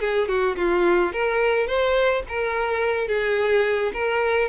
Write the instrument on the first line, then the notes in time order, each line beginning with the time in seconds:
violin
0.00 G#4
0.28 F#4
0.57 F4
1.12 A#4
1.67 C5
2.28 A#4
3.08 G#4
3.93 A#4